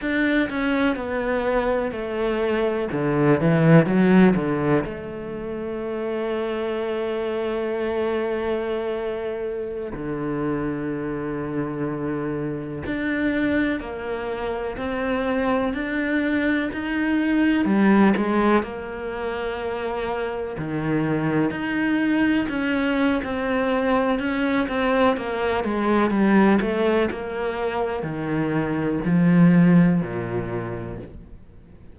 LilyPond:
\new Staff \with { instrumentName = "cello" } { \time 4/4 \tempo 4 = 62 d'8 cis'8 b4 a4 d8 e8 | fis8 d8 a2.~ | a2~ a16 d4.~ d16~ | d4~ d16 d'4 ais4 c'8.~ |
c'16 d'4 dis'4 g8 gis8 ais8.~ | ais4~ ais16 dis4 dis'4 cis'8. | c'4 cis'8 c'8 ais8 gis8 g8 a8 | ais4 dis4 f4 ais,4 | }